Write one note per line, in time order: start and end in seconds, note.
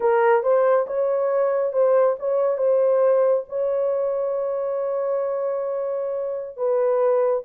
0.00 0.42 A#4
0.43 0.86 C5
0.86 1.72 C#5
1.72 2.16 C5
2.19 2.57 C#5
2.57 3.44 C5
3.48 6.56 C#5
6.56 7.43 B4